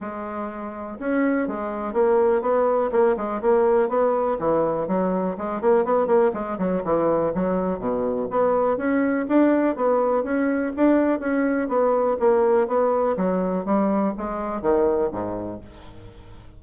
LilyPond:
\new Staff \with { instrumentName = "bassoon" } { \time 4/4 \tempo 4 = 123 gis2 cis'4 gis4 | ais4 b4 ais8 gis8 ais4 | b4 e4 fis4 gis8 ais8 | b8 ais8 gis8 fis8 e4 fis4 |
b,4 b4 cis'4 d'4 | b4 cis'4 d'4 cis'4 | b4 ais4 b4 fis4 | g4 gis4 dis4 gis,4 | }